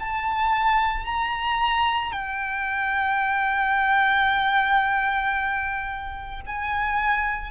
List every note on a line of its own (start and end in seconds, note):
0.00 1.06 A5
1.06 2.12 A#5
2.12 6.41 G5
6.46 7.51 G#5